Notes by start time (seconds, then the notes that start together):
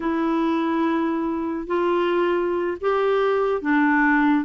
0.00 E4
1.66 F4
2.81 G4
3.61 D4